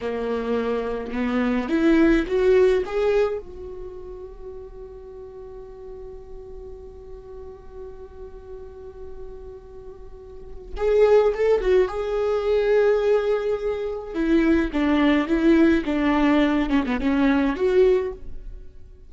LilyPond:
\new Staff \with { instrumentName = "viola" } { \time 4/4 \tempo 4 = 106 ais2 b4 e'4 | fis'4 gis'4 fis'2~ | fis'1~ | fis'1~ |
fis'2. gis'4 | a'8 fis'8 gis'2.~ | gis'4 e'4 d'4 e'4 | d'4. cis'16 b16 cis'4 fis'4 | }